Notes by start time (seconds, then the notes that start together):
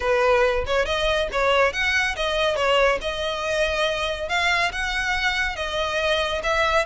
0.00 B4
0.66 C#5
0.85 D#5
1.32 C#5
1.72 F#5
2.15 D#5
2.56 C#5
3.01 D#5
4.29 F5
4.71 F#5
5.56 D#5
6.43 E5